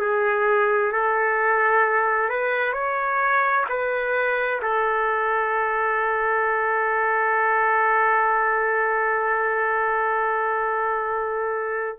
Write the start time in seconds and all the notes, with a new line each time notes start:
0.00 G#4
0.92 A4
2.29 B4
2.73 C#5
3.69 B4
4.62 A4